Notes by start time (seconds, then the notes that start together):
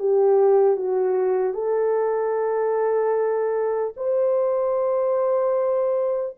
0.00 G4
0.77 F#4
1.54 A4
3.97 C5